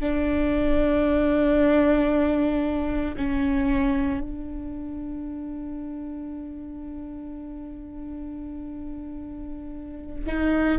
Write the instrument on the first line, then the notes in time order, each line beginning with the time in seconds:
viola
0.00 D4
3.17 C#4
4.20 D4
10.26 D#4